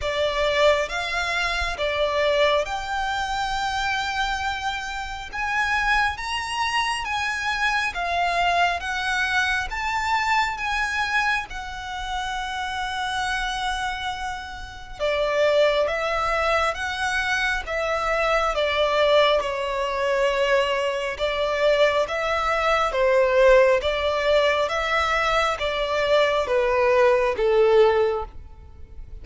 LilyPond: \new Staff \with { instrumentName = "violin" } { \time 4/4 \tempo 4 = 68 d''4 f''4 d''4 g''4~ | g''2 gis''4 ais''4 | gis''4 f''4 fis''4 a''4 | gis''4 fis''2.~ |
fis''4 d''4 e''4 fis''4 | e''4 d''4 cis''2 | d''4 e''4 c''4 d''4 | e''4 d''4 b'4 a'4 | }